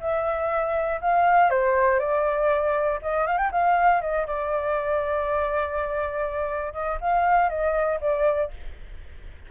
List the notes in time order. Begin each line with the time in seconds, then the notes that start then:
0.00 E5
1.01 F5
1.50 C5
1.99 D5
3.01 D#5
3.26 F5
3.38 G5
3.51 F5
4.01 D#5
4.27 D5
6.72 D#5
7.00 F5
7.49 D#5
8.00 D5